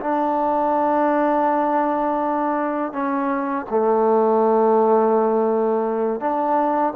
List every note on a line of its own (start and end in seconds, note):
0.00 2.92 D4
2.92 3.65 C#4
3.69 6.20 A3
6.20 6.93 D4